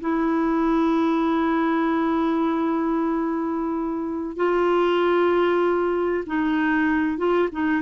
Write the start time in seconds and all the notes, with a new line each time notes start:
0.00 E4
4.36 F4
6.26 D#4
7.17 F4
7.51 D#4